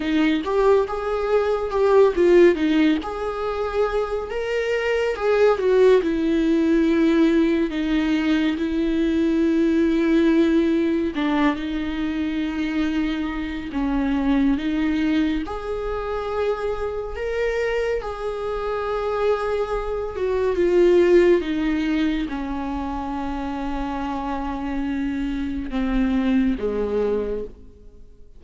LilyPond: \new Staff \with { instrumentName = "viola" } { \time 4/4 \tempo 4 = 70 dis'8 g'8 gis'4 g'8 f'8 dis'8 gis'8~ | gis'4 ais'4 gis'8 fis'8 e'4~ | e'4 dis'4 e'2~ | e'4 d'8 dis'2~ dis'8 |
cis'4 dis'4 gis'2 | ais'4 gis'2~ gis'8 fis'8 | f'4 dis'4 cis'2~ | cis'2 c'4 gis4 | }